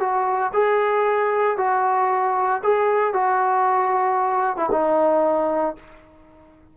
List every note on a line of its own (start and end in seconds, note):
0.00 0.52 F#4
0.54 1.58 G#4
1.58 2.62 F#4
2.64 3.14 G#4
3.14 4.57 F#4
4.57 4.70 E4
4.72 5.76 D#4